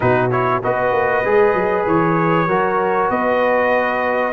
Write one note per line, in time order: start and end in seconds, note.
0.00 0.63 B2
0.00 0.30 D#4
0.00 0.63 F#4
0.00 0.30 B4
0.30 0.62 E4
0.30 0.61 C#5
0.62 0.92 B3
0.62 1.24 F#4
0.62 2.48 B4
0.62 1.87 D#5
0.92 1.23 A#3
1.24 1.54 G#3
1.24 2.48 G#4
1.54 1.85 F#3
1.86 2.47 E3
1.86 3.10 C#5
2.47 3.09 F#3
2.47 4.33 F#4
2.47 3.10 A#4
3.09 4.33 B3
3.09 4.33 B4
3.09 4.33 D#5